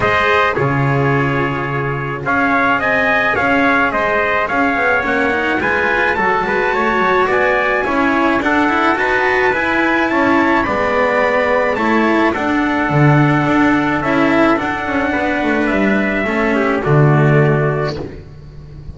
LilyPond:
<<
  \new Staff \with { instrumentName = "trumpet" } { \time 4/4 \tempo 4 = 107 dis''4 cis''2. | f''4 gis''4 f''4 dis''4 | f''4 fis''4 gis''4 a''4~ | a''4 gis''2 fis''4 |
a''4 gis''4 a''4 b''4~ | b''4 a''4 fis''2~ | fis''4 e''4 fis''2 | e''2 d''2 | }
  \new Staff \with { instrumentName = "trumpet" } { \time 4/4 c''4 gis'2. | cis''4 dis''4 cis''4 c''4 | cis''2 b'4 a'8 b'8 | cis''4 d''4 cis''4 a'4 |
b'2 cis''4 d''4~ | d''4 cis''4 a'2~ | a'2. b'4~ | b'4 a'8 g'8 fis'2 | }
  \new Staff \with { instrumentName = "cello" } { \time 4/4 gis'4 f'2. | gis'1~ | gis'4 cis'8 dis'8 f'4 fis'4~ | fis'2 e'4 d'8 e'8 |
fis'4 e'2 b4~ | b4 e'4 d'2~ | d'4 e'4 d'2~ | d'4 cis'4 a2 | }
  \new Staff \with { instrumentName = "double bass" } { \time 4/4 gis4 cis2. | cis'4 c'4 cis'4 gis4 | cis'8 b8 ais4 gis4 fis8 gis8 | a8 fis8 b4 cis'4 d'4 |
dis'4 e'4 cis'4 gis4~ | gis4 a4 d'4 d4 | d'4 cis'4 d'8 cis'8 b8 a8 | g4 a4 d2 | }
>>